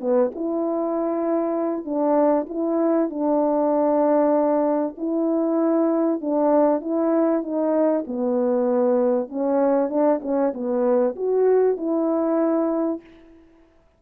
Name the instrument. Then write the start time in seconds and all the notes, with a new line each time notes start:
horn
0.00 B3
0.35 E4
1.85 D4
2.49 E4
3.10 D4
4.97 E4
6.21 D4
6.81 E4
7.43 D#4
8.07 B3
9.29 C#4
9.89 D4
10.22 C#4
10.54 B3
11.16 F#4
11.77 E4